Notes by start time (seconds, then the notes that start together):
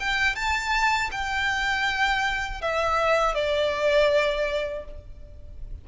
0.00 G5
0.35 A5
1.11 G5
2.61 E5
3.35 D5